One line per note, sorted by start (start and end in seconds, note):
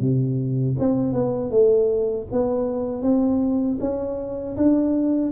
0.00 0.76 C3
0.78 1.13 C4
1.13 1.50 B3
1.50 2.26 A3
2.31 3.02 B3
3.02 3.78 C4
3.80 4.56 C#4
4.56 5.31 D4